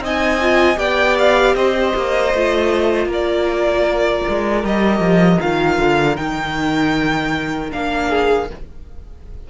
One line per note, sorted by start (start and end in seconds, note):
0.00 0.77 C4
0.00 0.41 D#4
0.00 0.79 D#5
0.06 0.79 G#5
0.41 0.77 F4
0.77 1.55 B3
0.77 2.31 G4
0.77 1.56 D5
0.77 1.17 G5
1.19 1.56 F5
1.55 1.93 C4
1.55 3.09 C5
1.55 3.09 D#5
1.96 2.34 A#3
2.34 3.06 A3
2.34 4.64 F4
3.06 4.21 A#3
3.06 8.09 A#4
3.13 4.66 D5
4.29 4.64 G#3
4.64 5.00 G3
4.64 5.41 G4
4.64 5.41 D#5
5.00 5.39 F3
5.41 5.79 D#3
5.41 6.17 F4
5.41 6.17 F5
5.79 6.17 D3
6.17 7.72 D#3
6.17 7.71 D#4
6.17 7.71 G5
7.71 8.50 A#3
7.71 8.47 D4
7.71 8.50 F5
8.10 8.48 G#4